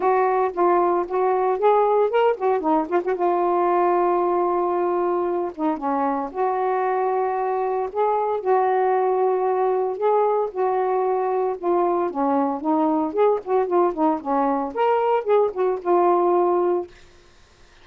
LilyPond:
\new Staff \with { instrumentName = "saxophone" } { \time 4/4 \tempo 4 = 114 fis'4 f'4 fis'4 gis'4 | ais'8 fis'8 dis'8 f'16 fis'16 f'2~ | f'2~ f'8 dis'8 cis'4 | fis'2. gis'4 |
fis'2. gis'4 | fis'2 f'4 cis'4 | dis'4 gis'8 fis'8 f'8 dis'8 cis'4 | ais'4 gis'8 fis'8 f'2 | }